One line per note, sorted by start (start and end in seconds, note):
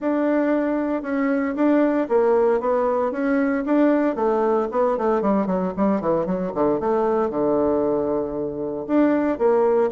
0.00 1.02 D4
1.02 1.54 C#4
1.55 2.07 D4
2.08 2.60 A#3
2.60 3.11 B3
3.11 3.64 C#4
3.65 4.15 D4
4.15 4.67 A3
4.71 4.97 B3
4.97 5.21 A3
5.21 5.46 G3
5.46 5.72 F#3
5.77 6.00 G3
6.00 6.25 E3
6.25 6.51 F#3
6.54 6.80 D3
6.80 7.29 A3
7.29 8.86 D3
8.87 9.38 D4
9.38 9.90 A#3